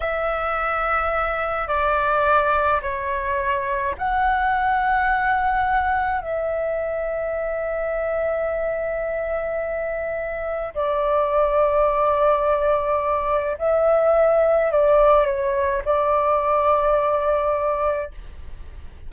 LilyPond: \new Staff \with { instrumentName = "flute" } { \time 4/4 \tempo 4 = 106 e''2. d''4~ | d''4 cis''2 fis''4~ | fis''2. e''4~ | e''1~ |
e''2. d''4~ | d''1 | e''2 d''4 cis''4 | d''1 | }